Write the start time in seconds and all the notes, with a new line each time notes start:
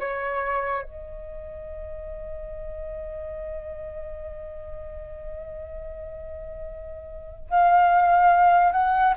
0.00 C#5
0.83 D#5
7.50 F5
8.72 F#5